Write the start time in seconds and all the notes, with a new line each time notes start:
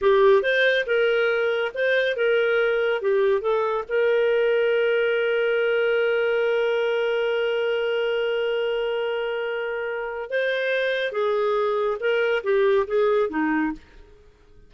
0.01 G4
0.42 C5
0.86 A#4
1.74 C5
2.16 A#4
3.01 G4
3.41 A4
3.88 A#4
10.30 C5
11.12 G#4
11.99 A#4
12.43 G4
12.87 G#4
13.29 D#4